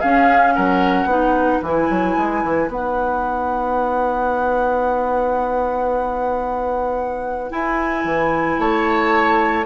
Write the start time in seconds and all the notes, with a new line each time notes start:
0.00 C#4 G#4 F5
0.53 F#3 A#4 F#5
1.05 B3 D#4 B4
1.62 E3 E4 G#5
1.90 F#3
2.17 G#3
2.44 E3
2.68 B3 D#4 F#5
7.50 E4 G#5
8.04 E3
8.58 A3 C#5 A5